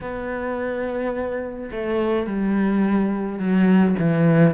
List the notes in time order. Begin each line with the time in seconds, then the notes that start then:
0.00 B3
1.71 A3
2.26 G3
3.38 F#3
3.99 E3